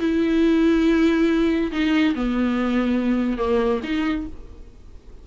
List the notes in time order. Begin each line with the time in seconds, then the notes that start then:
0.00 E4
1.72 D#4
2.15 B3
3.38 A#3
3.83 D#4